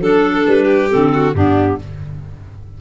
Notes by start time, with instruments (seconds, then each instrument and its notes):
0.00 tuba F#3, clarinet D4 A4, violin A4
0.47 tuba G3, clarinet B4
0.65 violin G4
0.90 clarinet C4 A4
0.96 tuba D3
1.14 violin F#4
1.34 tuba G2, clarinet B3 G4, violin D4